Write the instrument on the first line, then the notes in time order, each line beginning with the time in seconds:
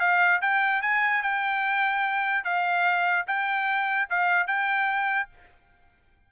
trumpet
0.00 F5
0.42 G5
0.82 G#5
1.23 G5
2.44 F5
3.27 G5
4.10 F5
4.47 G5